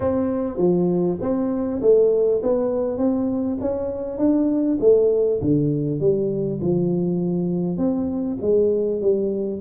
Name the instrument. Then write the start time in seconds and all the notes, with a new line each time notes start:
tuba
0.00 C4
0.57 F3
1.21 C4
1.81 A3
2.42 B3
2.97 C4
3.61 C#4
4.18 D4
4.80 A3
5.41 D3
6.00 G3
6.61 F3
7.77 C4
8.41 G#3
9.01 G3